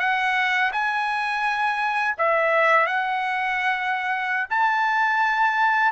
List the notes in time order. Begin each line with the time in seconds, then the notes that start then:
0.00 F#5
0.73 G#5
2.18 E5
2.87 F#5
4.50 A5